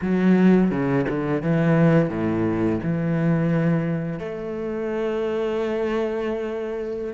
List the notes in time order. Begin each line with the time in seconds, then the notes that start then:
0.01 F#3
0.70 C#3
1.08 D3
1.42 E3
2.09 A2
2.83 E3
4.19 A3